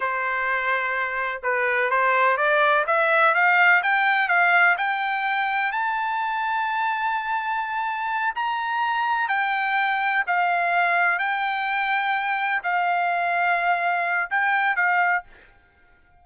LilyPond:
\new Staff \with { instrumentName = "trumpet" } { \time 4/4 \tempo 4 = 126 c''2. b'4 | c''4 d''4 e''4 f''4 | g''4 f''4 g''2 | a''1~ |
a''4. ais''2 g''8~ | g''4. f''2 g''8~ | g''2~ g''8 f''4.~ | f''2 g''4 f''4 | }